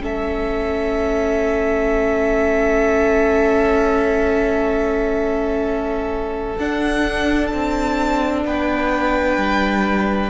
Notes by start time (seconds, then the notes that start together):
0.00 A3 C#4 A4 E5
6.58 D4 F#5
7.47 C4 A5
8.45 B3 B4 G5
9.37 G3